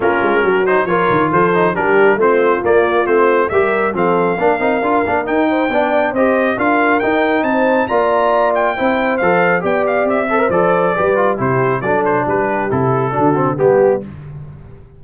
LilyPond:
<<
  \new Staff \with { instrumentName = "trumpet" } { \time 4/4 \tempo 4 = 137 ais'4. c''8 cis''4 c''4 | ais'4 c''4 d''4 c''4 | e''4 f''2. | g''2 dis''4 f''4 |
g''4 a''4 ais''4. g''8~ | g''4 f''4 g''8 f''8 e''4 | d''2 c''4 d''8 c''8 | b'4 a'2 g'4 | }
  \new Staff \with { instrumentName = "horn" } { \time 4/4 f'4 fis'4 ais'4 a'4 | g'4 f'2. | ais'4 a'4 ais'2~ | ais'8 c''8 d''4 c''4 ais'4~ |
ais'4 c''4 d''2 | c''2 d''4. c''8~ | c''4 b'4 g'4 a'4 | g'2 fis'4 g'4 | }
  \new Staff \with { instrumentName = "trombone" } { \time 4/4 cis'4. dis'8 f'4. dis'8 | d'4 c'4 ais4 c'4 | g'4 c'4 d'8 dis'8 f'8 d'8 | dis'4 d'4 g'4 f'4 |
dis'2 f'2 | e'4 a'4 g'4. a'16 ais'16 | a'4 g'8 f'8 e'4 d'4~ | d'4 e'4 d'8 c'8 b4 | }
  \new Staff \with { instrumentName = "tuba" } { \time 4/4 ais8 gis8 fis4 f8 dis8 f4 | g4 a4 ais4 a4 | g4 f4 ais8 c'8 d'8 ais8 | dis'4 b4 c'4 d'4 |
dis'4 c'4 ais2 | c'4 f4 b4 c'4 | f4 g4 c4 fis4 | g4 c4 d4 g4 | }
>>